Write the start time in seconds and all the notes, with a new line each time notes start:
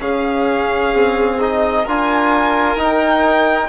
0.00 C#3 C#4 G#4 F5
0.93 C4
1.40 D#4 D#5
1.84 D4 F4 A#4 G#5
2.75 D#4
2.84 G5